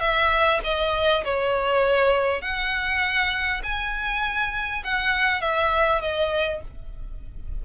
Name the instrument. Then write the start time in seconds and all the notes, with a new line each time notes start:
violin
0.00 E5
0.64 D#5
1.25 C#5
2.41 F#5
3.63 G#5
4.84 F#5
5.41 E5
6.01 D#5